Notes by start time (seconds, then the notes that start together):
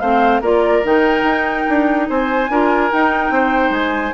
0.00 A3 C4 C5 F5
0.41 A#3 F4 A#4 D5
0.84 D#3 D#4 G5
1.23 D#4
1.69 D4
2.09 C4 C5 G#5
2.49 D4 F4 A#4
2.91 D#4 G5
3.30 C4 C5
3.70 G#3 G#5